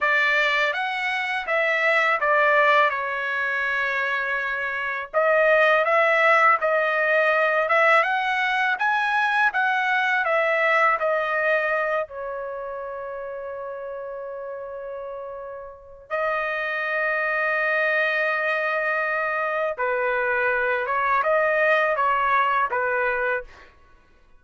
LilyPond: \new Staff \with { instrumentName = "trumpet" } { \time 4/4 \tempo 4 = 82 d''4 fis''4 e''4 d''4 | cis''2. dis''4 | e''4 dis''4. e''8 fis''4 | gis''4 fis''4 e''4 dis''4~ |
dis''8 cis''2.~ cis''8~ | cis''2 dis''2~ | dis''2. b'4~ | b'8 cis''8 dis''4 cis''4 b'4 | }